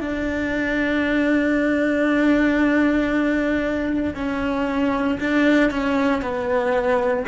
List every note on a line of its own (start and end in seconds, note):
0.00 4.14 D4
4.15 5.18 C#4
5.20 5.70 D4
5.70 6.22 C#4
6.22 7.25 B3